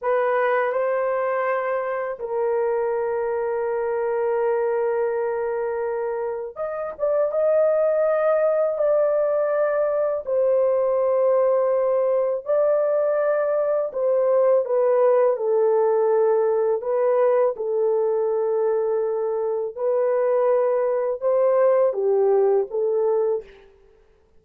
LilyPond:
\new Staff \with { instrumentName = "horn" } { \time 4/4 \tempo 4 = 82 b'4 c''2 ais'4~ | ais'1~ | ais'4 dis''8 d''8 dis''2 | d''2 c''2~ |
c''4 d''2 c''4 | b'4 a'2 b'4 | a'2. b'4~ | b'4 c''4 g'4 a'4 | }